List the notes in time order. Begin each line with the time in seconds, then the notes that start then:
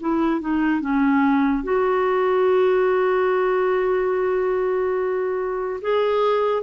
0.00 E4
0.41 D#4
0.81 C#4
1.63 F#4
5.81 G#4